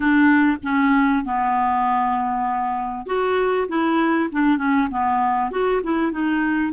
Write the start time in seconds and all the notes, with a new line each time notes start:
0.00 D4
0.63 C#4
1.24 B3
3.06 F#4
3.68 E4
4.32 D4
4.58 C#4
4.90 B3
5.51 F#4
5.83 E4
6.12 D#4